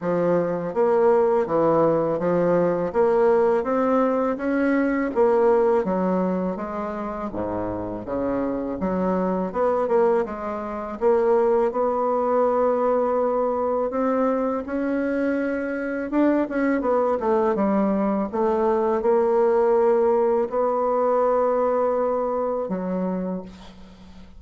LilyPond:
\new Staff \with { instrumentName = "bassoon" } { \time 4/4 \tempo 4 = 82 f4 ais4 e4 f4 | ais4 c'4 cis'4 ais4 | fis4 gis4 gis,4 cis4 | fis4 b8 ais8 gis4 ais4 |
b2. c'4 | cis'2 d'8 cis'8 b8 a8 | g4 a4 ais2 | b2. fis4 | }